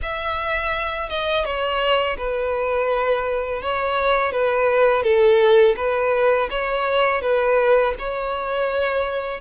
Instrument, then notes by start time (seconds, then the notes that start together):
violin
0.02 E5
1.09 D#5
1.44 C#5
2.17 B4
3.61 C#5
4.32 B4
5.02 A4
5.76 B4
6.50 C#5
7.21 B4
7.98 C#5